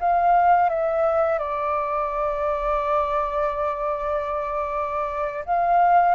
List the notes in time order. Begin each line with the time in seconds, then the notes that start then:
0.00 F5
0.69 E5
1.39 D5
5.45 F5